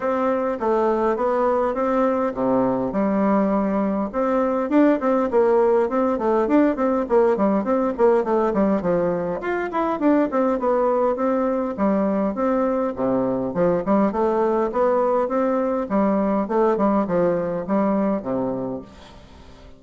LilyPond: \new Staff \with { instrumentName = "bassoon" } { \time 4/4 \tempo 4 = 102 c'4 a4 b4 c'4 | c4 g2 c'4 | d'8 c'8 ais4 c'8 a8 d'8 c'8 | ais8 g8 c'8 ais8 a8 g8 f4 |
f'8 e'8 d'8 c'8 b4 c'4 | g4 c'4 c4 f8 g8 | a4 b4 c'4 g4 | a8 g8 f4 g4 c4 | }